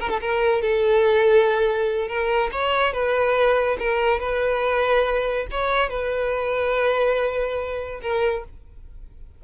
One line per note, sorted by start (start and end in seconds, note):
0.00 0.10 A#4
0.10 0.21 A4
0.21 0.62 A#4
0.62 2.08 A4
2.08 2.51 A#4
2.52 2.93 C#5
2.93 3.78 B4
3.79 4.20 A#4
4.20 5.47 B4
5.51 5.90 C#5
5.90 8.01 B4
8.02 8.44 A#4